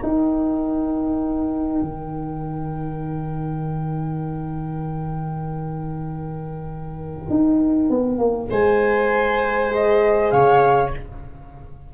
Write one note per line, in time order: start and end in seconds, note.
0.00 9.68 D#4
0.00 1.82 D#4
0.00 8.50 A#4
0.00 8.51 G5
1.82 7.27 D#3
7.30 7.90 D#4
7.90 8.18 B3
8.18 8.48 A#3
8.50 10.32 G#3
8.50 10.32 C5
8.50 9.72 G#5
9.68 10.90 G#4
9.68 10.30 D#5
10.30 10.93 C#3
10.30 10.94 C#5
10.30 10.91 F5